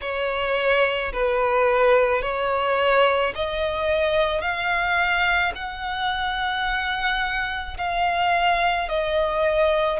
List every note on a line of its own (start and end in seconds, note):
0.01 1.12 C#5
1.13 2.22 B4
2.22 3.33 C#5
3.35 4.41 D#5
4.41 5.52 F5
5.55 7.77 F#5
7.77 8.88 F5
8.88 9.99 D#5